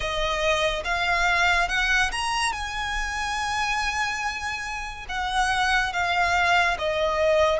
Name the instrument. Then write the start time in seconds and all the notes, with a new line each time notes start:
violin
0.00 D#5
0.84 F5
1.68 F#5
2.11 A#5
2.52 G#5
5.08 F#5
5.92 F5
6.78 D#5